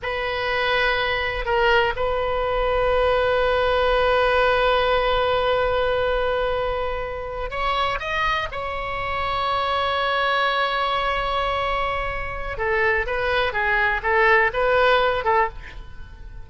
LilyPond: \new Staff \with { instrumentName = "oboe" } { \time 4/4 \tempo 4 = 124 b'2. ais'4 | b'1~ | b'1~ | b'2.~ b'8 cis''8~ |
cis''8 dis''4 cis''2~ cis''8~ | cis''1~ | cis''2 a'4 b'4 | gis'4 a'4 b'4. a'8 | }